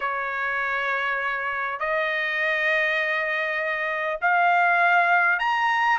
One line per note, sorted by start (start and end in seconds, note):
0.00 1.79 C#5
1.79 4.19 D#5
4.21 5.39 F5
5.39 5.99 A#5